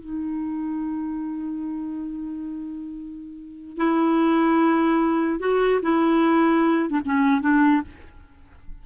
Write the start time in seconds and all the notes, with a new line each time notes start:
0.00 D#4
3.77 E4
5.39 F#4
5.82 E4
6.90 D4
7.05 C#4
7.41 D4